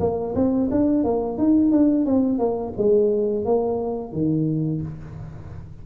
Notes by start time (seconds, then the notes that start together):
0.00 A#3
0.35 C4
0.71 D4
1.04 A#3
1.38 D#4
1.71 D4
2.05 C4
2.39 A#3
2.77 G#3
3.45 A#3
4.13 D#3